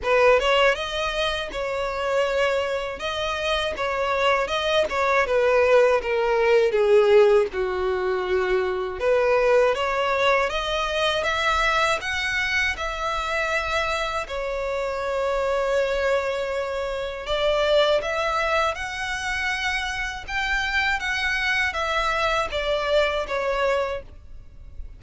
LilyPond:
\new Staff \with { instrumentName = "violin" } { \time 4/4 \tempo 4 = 80 b'8 cis''8 dis''4 cis''2 | dis''4 cis''4 dis''8 cis''8 b'4 | ais'4 gis'4 fis'2 | b'4 cis''4 dis''4 e''4 |
fis''4 e''2 cis''4~ | cis''2. d''4 | e''4 fis''2 g''4 | fis''4 e''4 d''4 cis''4 | }